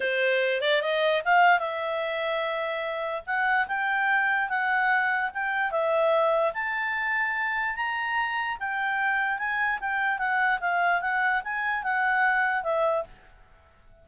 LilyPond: \new Staff \with { instrumentName = "clarinet" } { \time 4/4 \tempo 4 = 147 c''4. d''8 dis''4 f''4 | e''1 | fis''4 g''2 fis''4~ | fis''4 g''4 e''2 |
a''2. ais''4~ | ais''4 g''2 gis''4 | g''4 fis''4 f''4 fis''4 | gis''4 fis''2 e''4 | }